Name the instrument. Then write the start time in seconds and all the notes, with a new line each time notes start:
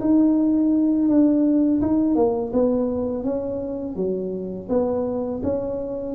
tuba
0.00 D#4
1.08 D4
1.81 D#4
2.15 A#3
2.53 B3
3.24 C#4
3.96 F#3
4.69 B3
5.43 C#4